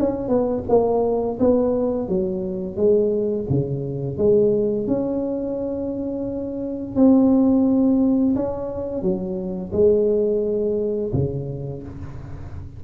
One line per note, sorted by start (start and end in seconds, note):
0.00 0.29 C#4
0.29 0.63 B3
0.69 1.39 A#3
1.40 2.09 B3
2.09 2.77 F#3
2.77 3.46 G#3
3.50 4.18 C#3
4.18 4.87 G#3
4.87 6.96 C#4
6.96 8.35 C4
8.36 9.02 C#4
9.02 9.72 F#3
9.73 11.12 G#3
11.13 11.83 C#3